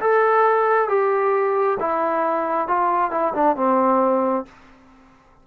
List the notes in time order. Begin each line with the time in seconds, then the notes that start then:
0.00 A4
0.89 G4
1.80 E4
2.68 F4
3.11 E4
3.34 D4
3.56 C4